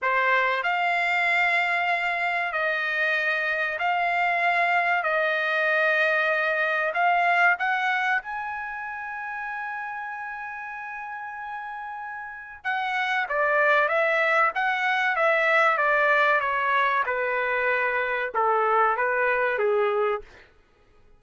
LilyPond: \new Staff \with { instrumentName = "trumpet" } { \time 4/4 \tempo 4 = 95 c''4 f''2. | dis''2 f''2 | dis''2. f''4 | fis''4 gis''2.~ |
gis''1 | fis''4 d''4 e''4 fis''4 | e''4 d''4 cis''4 b'4~ | b'4 a'4 b'4 gis'4 | }